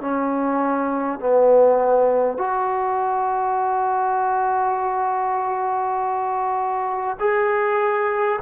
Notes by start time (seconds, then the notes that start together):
0.00 C#4
1.19 B3
2.37 F#4
7.19 G#4